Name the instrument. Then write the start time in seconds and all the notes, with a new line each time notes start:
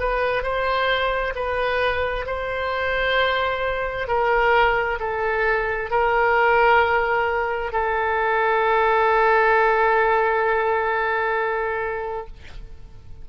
oboe
0.00 B4
0.43 C5
1.36 B4
2.26 C5
4.08 A#4
5.00 A4
5.91 A#4
7.73 A4